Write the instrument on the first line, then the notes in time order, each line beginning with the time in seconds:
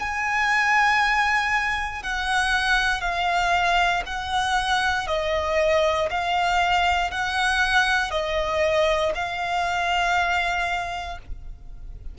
violin
0.00 G#5
2.03 F#5
3.01 F5
4.06 F#5
5.08 D#5
6.11 F5
7.11 F#5
8.11 D#5
9.15 F5